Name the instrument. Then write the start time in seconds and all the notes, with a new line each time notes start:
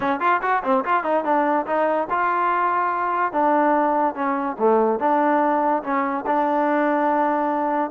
trombone
0.00 C#4
0.20 F4
0.42 F#4
0.63 C4
0.84 F4
1.03 D#4
1.24 D4
1.66 D#4
2.10 F4
3.32 D4
4.14 C#4
4.59 A3
4.99 D4
5.83 C#4
6.26 D4